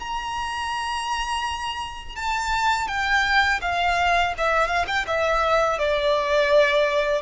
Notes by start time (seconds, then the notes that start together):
0.00 A#5
2.16 A5
2.88 G5
3.62 F5
4.38 E5
4.68 F5
4.88 G5
5.07 E5
5.79 D5